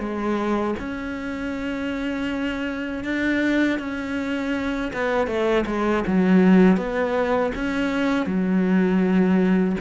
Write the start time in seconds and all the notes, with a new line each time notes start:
0.00 G#3
0.79 C#4
3.04 D4
3.79 C#4
4.93 B3
5.27 A3
5.67 G#3
6.07 F#3
6.77 B3
7.55 C#4
8.27 F#3